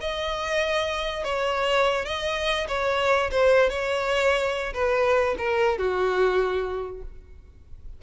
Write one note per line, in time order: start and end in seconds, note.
0.00 1.24 D#5
1.24 2.05 C#5
2.05 2.67 D#5
2.68 3.30 C#5
3.31 3.69 C5
3.69 4.73 C#5
4.73 5.35 B4
5.38 5.78 A#4
5.78 7.02 F#4